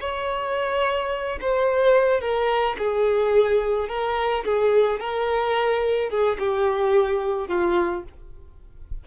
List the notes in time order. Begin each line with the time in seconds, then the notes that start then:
0.00 C#5
1.41 C5
2.21 A#4
2.78 G#4
3.89 A#4
4.44 G#4
5.00 A#4
6.10 G#4
6.39 G4
7.48 F4